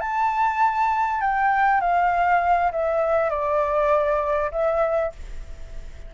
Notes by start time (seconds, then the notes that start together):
0.00 A5
1.21 G5
1.80 F5
2.72 E5
3.30 D5
4.52 E5